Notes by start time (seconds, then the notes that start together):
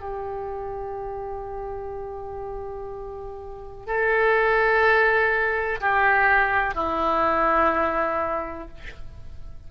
0.00 G4
3.87 A4
5.80 G4
6.74 E4